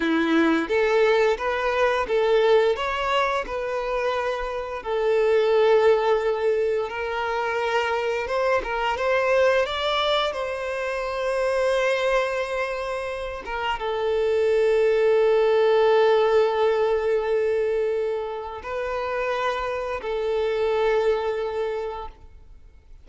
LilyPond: \new Staff \with { instrumentName = "violin" } { \time 4/4 \tempo 4 = 87 e'4 a'4 b'4 a'4 | cis''4 b'2 a'4~ | a'2 ais'2 | c''8 ais'8 c''4 d''4 c''4~ |
c''2.~ c''8 ais'8 | a'1~ | a'2. b'4~ | b'4 a'2. | }